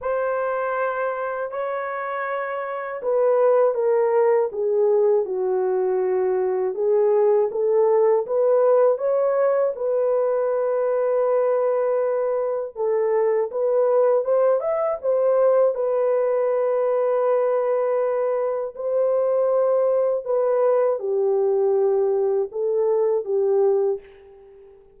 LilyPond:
\new Staff \with { instrumentName = "horn" } { \time 4/4 \tempo 4 = 80 c''2 cis''2 | b'4 ais'4 gis'4 fis'4~ | fis'4 gis'4 a'4 b'4 | cis''4 b'2.~ |
b'4 a'4 b'4 c''8 e''8 | c''4 b'2.~ | b'4 c''2 b'4 | g'2 a'4 g'4 | }